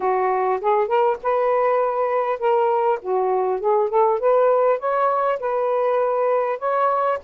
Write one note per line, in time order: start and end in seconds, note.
0.00 0.60 F#4
0.61 0.87 G#4
0.87 1.17 A#4
1.22 2.39 B4
2.39 2.99 A#4
3.01 3.60 F#4
3.60 3.89 G#4
3.89 4.19 A4
4.19 4.79 B4
4.79 5.39 C#5
5.39 6.58 B4
6.58 7.18 C#5